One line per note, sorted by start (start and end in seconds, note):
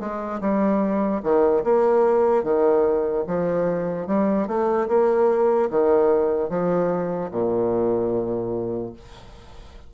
0.00 0.41 G#3
0.41 1.22 G3
1.23 1.64 D#3
1.64 2.43 A#3
2.43 3.24 D#3
3.27 4.07 F3
4.07 4.47 G3
4.47 4.88 A3
4.88 5.69 A#3
5.70 6.49 D#3
6.49 7.30 F3
7.31 8.93 A#2